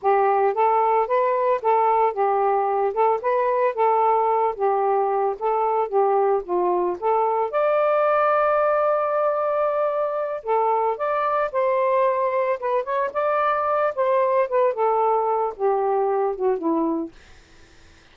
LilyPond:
\new Staff \with { instrumentName = "saxophone" } { \time 4/4 \tempo 4 = 112 g'4 a'4 b'4 a'4 | g'4. a'8 b'4 a'4~ | a'8 g'4. a'4 g'4 | f'4 a'4 d''2~ |
d''2.~ d''8 a'8~ | a'8 d''4 c''2 b'8 | cis''8 d''4. c''4 b'8 a'8~ | a'4 g'4. fis'8 e'4 | }